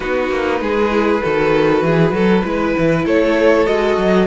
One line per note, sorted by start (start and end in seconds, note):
0.00 0.30 B3
0.00 0.90 D#4
0.00 0.60 F#4
0.00 3.04 B4
0.30 0.60 A#3
0.60 1.21 G#3
0.60 1.23 G#4
0.90 1.21 E4
1.22 1.82 D#3
1.22 2.44 F#4
1.22 1.84 A4
1.82 2.11 E3
1.82 2.14 G#4
2.11 2.42 F#3
2.11 2.44 A4
2.44 2.75 G#3
2.44 3.66 E4
2.44 3.05 B4
2.78 3.05 E3
3.05 3.66 A3
3.05 4.27 A4
3.05 3.66 C#5
3.66 3.97 G#3
3.66 4.27 F#4
3.66 4.27 D#5
3.97 4.27 F#3